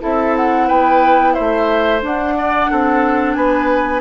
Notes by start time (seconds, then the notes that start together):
0.00 C4 E4 A4 E5
0.36 F#5
0.67 B3 B4 G5
1.34 A3 C5 E5
2.01 D4 F#5
2.37 D5
2.70 C4 A4
3.34 B3 B4 G#5